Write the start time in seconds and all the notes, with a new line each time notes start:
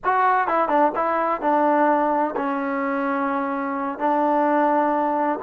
0.04 F#4
0.47 E4
0.68 D4
0.95 E4
1.41 D4
2.36 C#4
3.98 D4